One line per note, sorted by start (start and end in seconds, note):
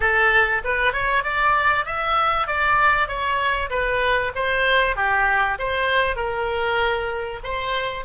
0.00 0.62 A4
0.64 0.92 B4
0.92 1.23 C#5
1.23 1.85 D5
1.85 2.47 E5
2.47 3.08 D5
3.08 3.69 C#5
3.70 4.32 B4
4.35 4.96 C5
4.96 5.58 G4
5.58 6.15 C5
6.15 7.39 A#4
7.43 8.05 C5